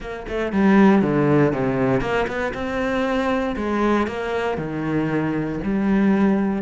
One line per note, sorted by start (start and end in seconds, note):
0.00 0.26 A#3
0.28 0.52 A3
0.52 1.01 G3
1.01 1.52 D3
1.52 2.01 C3
2.01 2.26 A#3
2.27 2.52 B3
2.54 3.55 C4
3.56 4.07 G#3
4.07 4.57 A#3
4.57 5.59 D#3
5.63 6.62 G3